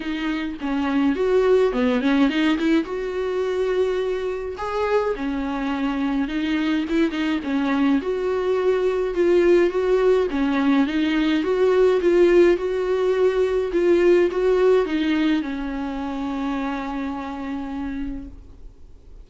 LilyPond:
\new Staff \with { instrumentName = "viola" } { \time 4/4 \tempo 4 = 105 dis'4 cis'4 fis'4 b8 cis'8 | dis'8 e'8 fis'2. | gis'4 cis'2 dis'4 | e'8 dis'8 cis'4 fis'2 |
f'4 fis'4 cis'4 dis'4 | fis'4 f'4 fis'2 | f'4 fis'4 dis'4 cis'4~ | cis'1 | }